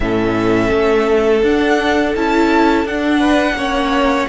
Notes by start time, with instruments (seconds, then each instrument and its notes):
0.00 cello A2, viola C#4, violin A4 E5
0.71 cello A3
1.42 cello D4, viola D4, violin F#5
2.15 cello C#4, viola E4, violin A5
2.85 cello D4, viola D4, violin F#5
3.19 violin B4
3.53 cello A#3, viola C#4, violin C#5